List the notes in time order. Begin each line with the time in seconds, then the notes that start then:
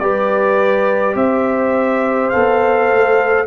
0.00 G3 G4 B4 D5
1.15 C4 C5 E5
2.30 B3 A4 F5
2.93 A3